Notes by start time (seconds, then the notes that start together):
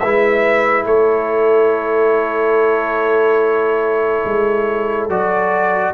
0.00 G#3 E4 B4 E5
0.85 A3 A4 C#5
4.25 G#3
5.09 F#3 F#4 D5